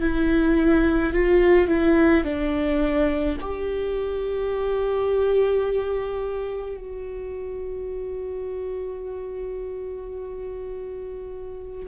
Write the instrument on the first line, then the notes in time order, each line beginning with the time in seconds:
viola
0.00 E4
1.13 F4
1.67 E4
2.24 D4
3.40 G4
6.76 F#4